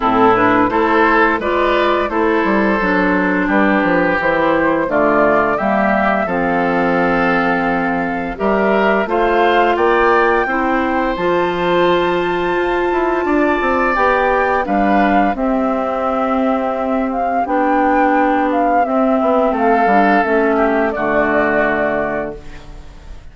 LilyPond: <<
  \new Staff \with { instrumentName = "flute" } { \time 4/4 \tempo 4 = 86 a'8 b'8 c''4 d''4 c''4~ | c''4 b'4 c''4 d''4 | e''4 f''2. | e''4 f''4 g''2 |
a''1 | g''4 f''4 e''2~ | e''8 f''8 g''4. f''8 e''4 | f''4 e''4 d''2 | }
  \new Staff \with { instrumentName = "oboe" } { \time 4/4 e'4 a'4 b'4 a'4~ | a'4 g'2 f'4 | g'4 a'2. | ais'4 c''4 d''4 c''4~ |
c''2. d''4~ | d''4 b'4 g'2~ | g'1 | a'4. g'8 fis'2 | }
  \new Staff \with { instrumentName = "clarinet" } { \time 4/4 c'8 d'8 e'4 f'4 e'4 | d'2 e'4 a4 | ais4 c'2. | g'4 f'2 e'4 |
f'1 | g'4 d'4 c'2~ | c'4 d'2 c'4~ | c'8 d'8 cis'4 a2 | }
  \new Staff \with { instrumentName = "bassoon" } { \time 4/4 a,4 a4 gis4 a8 g8 | fis4 g8 f8 e4 d4 | g4 f2. | g4 a4 ais4 c'4 |
f2 f'8 e'8 d'8 c'8 | b4 g4 c'2~ | c'4 b2 c'8 b8 | a8 g8 a4 d2 | }
>>